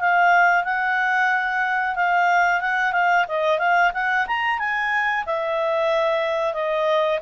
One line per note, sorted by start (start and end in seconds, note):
0.00 0.64 F5
0.64 1.96 F#5
1.96 2.61 F5
2.61 2.93 F#5
2.93 3.26 F5
3.28 3.59 D#5
3.59 3.92 F5
3.94 4.26 F#5
4.27 4.59 A#5
4.59 5.25 G#5
5.26 6.54 E5
6.54 7.20 D#5